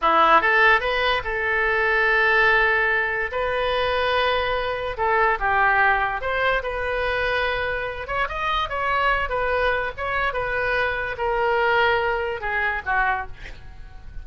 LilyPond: \new Staff \with { instrumentName = "oboe" } { \time 4/4 \tempo 4 = 145 e'4 a'4 b'4 a'4~ | a'1 | b'1 | a'4 g'2 c''4 |
b'2.~ b'8 cis''8 | dis''4 cis''4. b'4. | cis''4 b'2 ais'4~ | ais'2 gis'4 fis'4 | }